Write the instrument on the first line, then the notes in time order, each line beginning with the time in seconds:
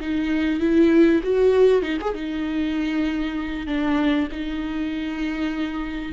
viola
0.00 D#4
0.60 E4
1.23 F#4
1.82 D#4
2.01 G#4
2.14 D#4
3.67 D4
4.32 D#4